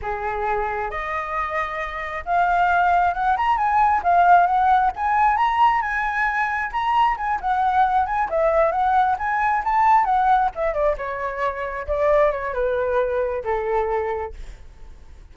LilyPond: \new Staff \with { instrumentName = "flute" } { \time 4/4 \tempo 4 = 134 gis'2 dis''2~ | dis''4 f''2 fis''8 ais''8 | gis''4 f''4 fis''4 gis''4 | ais''4 gis''2 ais''4 |
gis''8 fis''4. gis''8 e''4 fis''8~ | fis''8 gis''4 a''4 fis''4 e''8 | d''8 cis''2 d''4 cis''8 | b'2 a'2 | }